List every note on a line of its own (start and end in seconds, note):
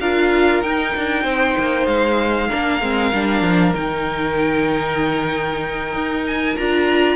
0.00 0.62 D4
0.00 0.64 F4
0.00 1.24 A#4
0.00 0.63 F5
0.63 0.94 D#4
0.63 2.49 D#4
0.63 1.86 G5
0.97 1.24 D4
1.24 1.56 C4
1.24 2.48 C5
1.59 1.87 A#3
1.86 2.49 G#3
1.86 3.74 F5
2.48 2.81 D4
2.48 7.16 A#4
2.55 2.82 A#3
2.82 3.13 G#3
2.82 3.13 C4
3.14 3.42 G3
3.14 3.75 D4
3.42 3.73 F3
3.75 5.94 D#3
3.75 6.56 D#4
3.75 6.25 G5
5.94 6.56 D#4
6.27 6.57 G#5
6.57 7.16 D4
6.57 7.16 F4
6.57 7.16 A#5